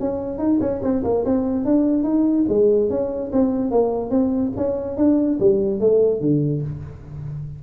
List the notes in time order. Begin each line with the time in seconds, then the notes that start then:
0.00 C#4
0.38 D#4
0.61 C#4
0.83 C4
1.04 A#3
1.25 C4
1.65 D4
2.04 D#4
2.49 G#3
2.90 C#4
3.32 C4
3.71 A#3
4.10 C4
4.57 C#4
4.97 D4
5.40 G3
5.80 A3
6.21 D3